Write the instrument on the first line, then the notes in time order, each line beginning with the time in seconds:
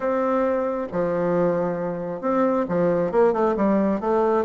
bassoon
0.00 C4
0.92 F3
2.21 C4
2.68 F3
3.11 A#3
3.33 A3
3.56 G3
4.00 A3